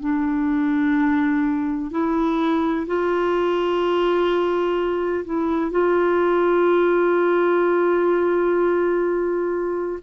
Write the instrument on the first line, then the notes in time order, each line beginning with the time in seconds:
clarinet
0.00 D4
1.90 E4
2.86 F4
5.25 E4
5.71 F4